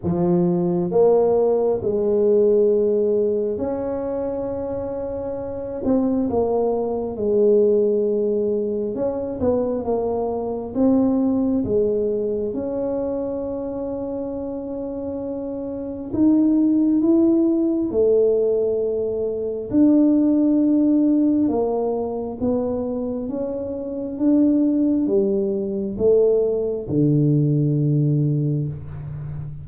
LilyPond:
\new Staff \with { instrumentName = "tuba" } { \time 4/4 \tempo 4 = 67 f4 ais4 gis2 | cis'2~ cis'8 c'8 ais4 | gis2 cis'8 b8 ais4 | c'4 gis4 cis'2~ |
cis'2 dis'4 e'4 | a2 d'2 | ais4 b4 cis'4 d'4 | g4 a4 d2 | }